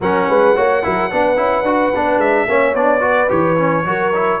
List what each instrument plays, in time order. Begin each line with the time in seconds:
0.00 tuba F#3, trombone C#4, horn A#4, trumpet F#5
0.28 tuba G#3, horn B4
0.55 tuba A#3, trombone F#4, horn C#5
0.83 tuba F#3, trombone E4, horn A#4
1.11 tuba B3, trombone D4, horn B4
1.36 tuba C#4, trombone E4
1.62 tuba D4, trombone F#4
1.95 tuba B3, trombone D4
2.17 tuba G#3, trumpet E5
2.47 tuba A#3, trombone C#4, horn C#5
2.74 tuba B3, trombone D4, trumpet D5
2.99 trombone F#4, horn B4
3.28 tuba E3, trombone G4, trumpet C#5
3.57 trombone C#4
3.85 tuba F#3, trombone F#4, horn A#4
4.14 trombone E4